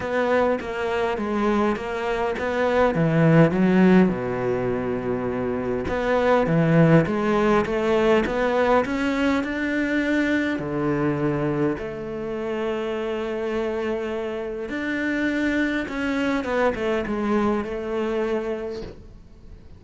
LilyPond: \new Staff \with { instrumentName = "cello" } { \time 4/4 \tempo 4 = 102 b4 ais4 gis4 ais4 | b4 e4 fis4 b,4~ | b,2 b4 e4 | gis4 a4 b4 cis'4 |
d'2 d2 | a1~ | a4 d'2 cis'4 | b8 a8 gis4 a2 | }